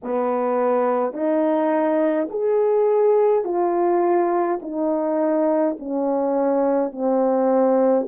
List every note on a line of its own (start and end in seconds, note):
0.03 1.13 B3
1.13 2.28 D#4
2.30 3.44 G#4
3.44 4.59 F4
4.62 5.77 D#4
5.78 6.92 C#4
6.92 8.07 C4